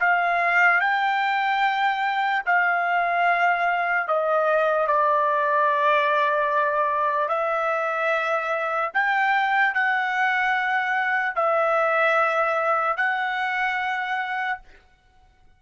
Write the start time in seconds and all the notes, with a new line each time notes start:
0.00 F5
0.81 G5
2.46 F5
4.08 D#5
4.87 D5
7.29 E5
8.94 G5
9.74 F#5
11.36 E5
12.97 F#5